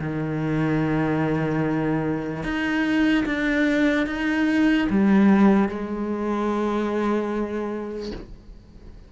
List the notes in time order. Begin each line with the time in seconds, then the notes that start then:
0.00 D#3
2.44 D#4
3.25 D4
4.07 D#4
4.90 G3
5.68 G#3